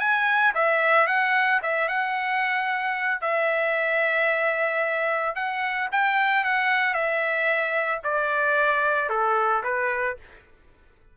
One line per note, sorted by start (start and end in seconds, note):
0.00 0.54 G#5
0.55 1.07 E5
1.07 1.61 F#5
1.63 1.89 E5
1.89 3.22 F#5
3.22 5.36 E5
5.36 5.89 F#5
5.92 6.45 G5
6.45 6.94 F#5
6.94 8.01 E5
8.04 9.10 D5
9.10 9.64 A4
9.64 10.17 B4